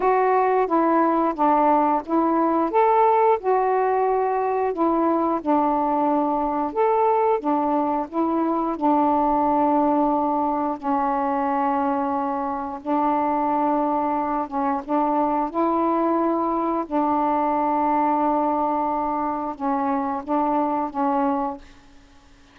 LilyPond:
\new Staff \with { instrumentName = "saxophone" } { \time 4/4 \tempo 4 = 89 fis'4 e'4 d'4 e'4 | a'4 fis'2 e'4 | d'2 a'4 d'4 | e'4 d'2. |
cis'2. d'4~ | d'4. cis'8 d'4 e'4~ | e'4 d'2.~ | d'4 cis'4 d'4 cis'4 | }